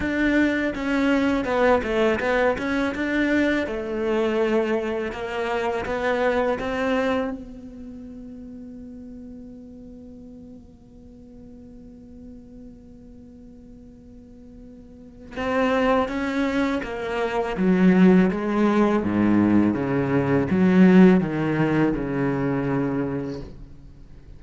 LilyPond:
\new Staff \with { instrumentName = "cello" } { \time 4/4 \tempo 4 = 82 d'4 cis'4 b8 a8 b8 cis'8 | d'4 a2 ais4 | b4 c'4 b2~ | b1~ |
b1~ | b4 c'4 cis'4 ais4 | fis4 gis4 gis,4 cis4 | fis4 dis4 cis2 | }